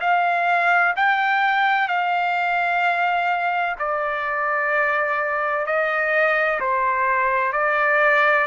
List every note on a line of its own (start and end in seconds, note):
0.00 0.94 F5
0.96 1.88 G5
1.88 3.75 F5
3.79 5.66 D5
5.66 6.60 D#5
6.60 7.53 C5
7.53 8.46 D5